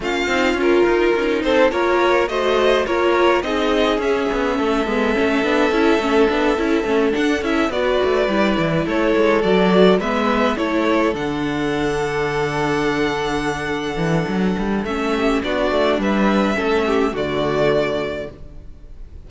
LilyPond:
<<
  \new Staff \with { instrumentName = "violin" } { \time 4/4 \tempo 4 = 105 f''4 ais'4. c''8 cis''4 | dis''4 cis''4 dis''4 e''4~ | e''1~ | e''8 fis''8 e''8 d''2 cis''8~ |
cis''8 d''4 e''4 cis''4 fis''8~ | fis''1~ | fis''2 e''4 d''4 | e''2 d''2 | }
  \new Staff \with { instrumentName = "violin" } { \time 4/4 f'2~ f'8 a'8 ais'4 | c''4 ais'4 gis'2 | a'1~ | a'4. b'2 a'8~ |
a'4. b'4 a'4.~ | a'1~ | a'2~ a'8 g'8 fis'4 | b'4 a'8 g'8 fis'2 | }
  \new Staff \with { instrumentName = "viola" } { \time 4/4 cis'8 dis'8 f'4 dis'4 f'4 | fis'4 f'4 dis'4 cis'4~ | cis'8 b8 cis'8 d'8 e'8 cis'8 d'8 e'8 | cis'8 d'8 e'8 fis'4 e'4.~ |
e'8 fis'4 b4 e'4 d'8~ | d'1~ | d'2 cis'4 d'4~ | d'4 cis'4 a2 | }
  \new Staff \with { instrumentName = "cello" } { \time 4/4 ais8 c'8 cis'8 dis'8 cis'8 c'8 ais4 | a4 ais4 c'4 cis'8 b8 | a8 gis8 a8 b8 cis'8 a8 b8 cis'8 | a8 d'8 cis'8 b8 a8 g8 e8 a8 |
gis8 fis4 gis4 a4 d8~ | d1~ | d8 e8 fis8 g8 a4 b8 a8 | g4 a4 d2 | }
>>